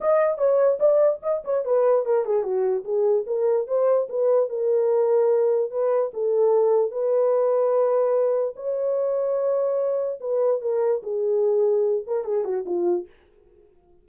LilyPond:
\new Staff \with { instrumentName = "horn" } { \time 4/4 \tempo 4 = 147 dis''4 cis''4 d''4 dis''8 cis''8 | b'4 ais'8 gis'8 fis'4 gis'4 | ais'4 c''4 b'4 ais'4~ | ais'2 b'4 a'4~ |
a'4 b'2.~ | b'4 cis''2.~ | cis''4 b'4 ais'4 gis'4~ | gis'4. ais'8 gis'8 fis'8 f'4 | }